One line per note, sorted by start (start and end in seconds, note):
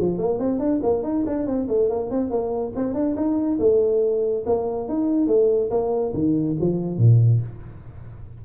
0.00 0.19 F3
0.19 0.39 A#3
0.39 0.60 C4
0.60 0.81 D4
0.83 1.03 A#3
1.03 1.25 D#4
1.27 1.47 D4
1.47 1.68 C4
1.68 1.90 A3
1.90 2.11 A#3
2.11 2.31 C4
2.31 2.73 A#3
2.76 2.94 C4
2.94 3.16 D4
3.16 3.59 D#4
3.60 4.45 A3
4.47 4.89 A#3
4.89 5.28 D#4
5.28 5.70 A3
5.71 6.13 A#3
6.14 6.57 D#3
6.61 6.98 F3
6.98 7.41 A#2